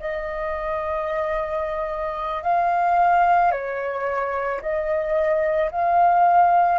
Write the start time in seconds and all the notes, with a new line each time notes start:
0.00 D#5
2.43 F5
3.52 C#5
4.61 D#5
5.71 F5